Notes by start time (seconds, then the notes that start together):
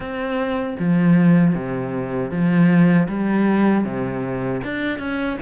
0.00 C4
0.79 F3
1.54 C3
2.30 F3
3.08 G3
3.84 C3
4.63 D4
4.98 C#4